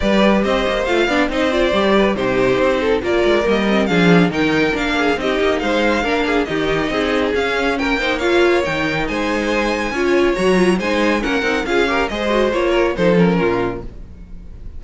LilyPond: <<
  \new Staff \with { instrumentName = "violin" } { \time 4/4 \tempo 4 = 139 d''4 dis''4 f''4 dis''8 d''8~ | d''4 c''2 d''4 | dis''4 f''4 g''4 f''4 | dis''4 f''2 dis''4~ |
dis''4 f''4 g''4 f''4 | g''4 gis''2. | ais''4 gis''4 fis''4 f''4 | dis''4 cis''4 c''8 ais'4. | }
  \new Staff \with { instrumentName = "violin" } { \time 4/4 b'4 c''4. d''8 c''4~ | c''8 b'8 g'4. a'8 ais'4~ | ais'4 gis'4 ais'4. gis'8 | g'4 c''4 ais'8 gis'8 g'4 |
gis'2 ais'8 c''8 cis''4~ | cis''4 c''2 cis''4~ | cis''4 c''4 ais'4 gis'8 ais'8 | c''4. ais'8 a'4 f'4 | }
  \new Staff \with { instrumentName = "viola" } { \time 4/4 g'2 f'8 d'8 dis'8 f'8 | g'4 dis'2 f'4 | ais8 c'8 d'4 dis'4 d'4 | dis'2 d'4 dis'4~ |
dis'4 cis'4. dis'8 f'4 | dis'2. f'4 | fis'8 f'8 dis'4 cis'8 dis'8 f'8 g'8 | gis'8 fis'8 f'4 dis'8 cis'4. | }
  \new Staff \with { instrumentName = "cello" } { \time 4/4 g4 c'8 ais8 a8 b8 c'4 | g4 c4 c'4 ais8 gis8 | g4 f4 dis4 ais4 | c'8 ais8 gis4 ais4 dis4 |
c'4 cis'4 ais2 | dis4 gis2 cis'4 | fis4 gis4 ais8 c'8 cis'4 | gis4 ais4 f4 ais,4 | }
>>